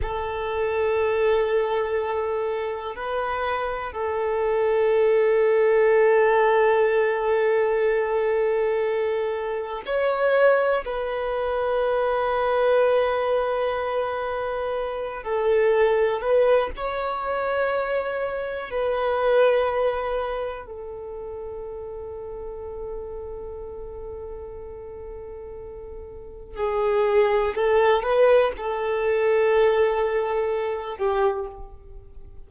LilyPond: \new Staff \with { instrumentName = "violin" } { \time 4/4 \tempo 4 = 61 a'2. b'4 | a'1~ | a'2 cis''4 b'4~ | b'2.~ b'8 a'8~ |
a'8 b'8 cis''2 b'4~ | b'4 a'2.~ | a'2. gis'4 | a'8 b'8 a'2~ a'8 g'8 | }